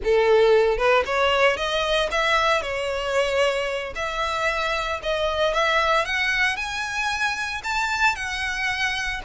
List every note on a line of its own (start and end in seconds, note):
0.04 0.77 A4
0.77 1.03 B4
1.05 1.56 C#5
1.56 2.09 D#5
2.11 2.62 E5
2.62 3.93 C#5
3.95 5.00 E5
5.02 5.53 D#5
5.53 6.05 E5
6.05 6.56 F#5
6.56 7.61 G#5
7.63 8.15 A5
8.15 9.21 F#5